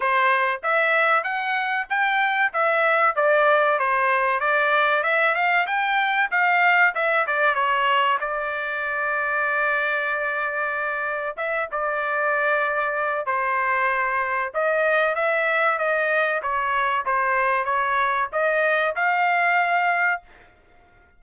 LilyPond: \new Staff \with { instrumentName = "trumpet" } { \time 4/4 \tempo 4 = 95 c''4 e''4 fis''4 g''4 | e''4 d''4 c''4 d''4 | e''8 f''8 g''4 f''4 e''8 d''8 | cis''4 d''2.~ |
d''2 e''8 d''4.~ | d''4 c''2 dis''4 | e''4 dis''4 cis''4 c''4 | cis''4 dis''4 f''2 | }